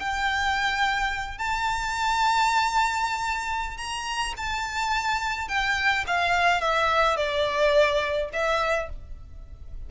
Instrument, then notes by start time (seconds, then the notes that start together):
violin
0.00 G5
1.39 A5
3.78 A#5
4.37 A5
5.49 G5
6.07 F5
6.61 E5
7.17 D5
8.33 E5